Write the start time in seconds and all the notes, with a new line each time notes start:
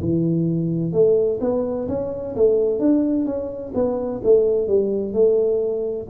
0.00 E3
0.92 A3
1.40 B3
1.88 C#4
2.35 A3
2.79 D4
3.25 C#4
3.74 B3
4.23 A3
4.67 G3
5.13 A3